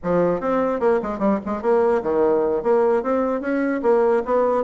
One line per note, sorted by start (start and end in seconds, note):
0.03 0.40 F3
0.40 0.79 C4
0.79 1.00 A#3
1.02 1.18 G#3
1.18 1.39 G3
1.45 1.61 G#3
1.61 2.02 A#3
2.02 2.62 D#3
2.62 3.03 A#3
3.03 3.40 C4
3.40 3.81 C#4
3.82 4.22 A#3
4.25 4.64 B3